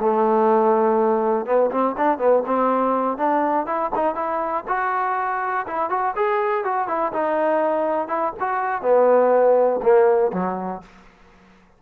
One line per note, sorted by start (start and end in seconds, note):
0.00 1.46 A3
1.46 1.71 B3
1.71 1.96 C4
1.98 2.19 D4
2.19 2.43 B3
2.47 3.18 C4
3.18 3.66 D4
3.66 3.91 E4
3.96 4.16 D#4
4.16 4.65 E4
4.68 5.67 F#4
5.67 5.90 E4
5.90 6.15 F#4
6.16 6.65 G#4
6.65 6.88 F#4
6.88 7.13 E4
7.13 8.08 D#4
8.08 8.33 E4
8.40 8.82 F#4
8.82 9.80 B3
9.83 10.32 A#3
10.33 10.82 F#3